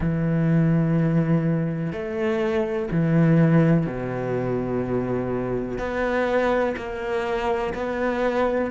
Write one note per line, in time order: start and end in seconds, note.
0.00 1.92 E3
1.92 2.89 A3
2.91 3.86 E3
3.86 5.78 B2
5.78 6.75 B3
6.77 7.73 A#3
7.74 8.71 B3